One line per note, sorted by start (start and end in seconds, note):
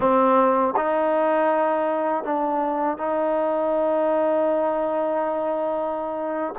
0.00 0.74 C4
0.76 2.23 D#4
2.23 2.97 D4
2.97 6.54 D#4